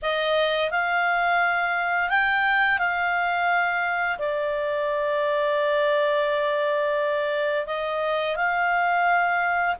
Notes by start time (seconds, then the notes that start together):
0.02 D#5
0.70 F5
2.09 G5
2.78 F5
4.18 D5
7.66 D#5
8.36 F5